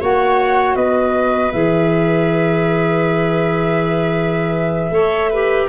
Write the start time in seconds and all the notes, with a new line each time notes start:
0.00 A#3 F#4 C#5 F#5
0.75 B3 B4 D#5
1.52 E3 G#4 E5
4.90 A3 A4 C#5
5.30 G4 B4